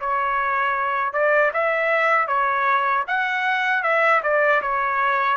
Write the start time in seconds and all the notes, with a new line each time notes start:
0.00 C#5
1.13 D5
1.53 E5
2.28 C#5
3.07 F#5
3.83 E5
4.23 D5
4.62 C#5